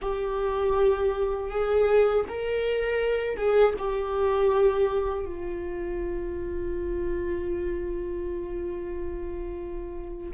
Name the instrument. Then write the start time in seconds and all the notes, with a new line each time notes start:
viola
0.01 G4
1.50 G#4
2.28 A#4
3.36 G#4
3.78 G4
5.25 F4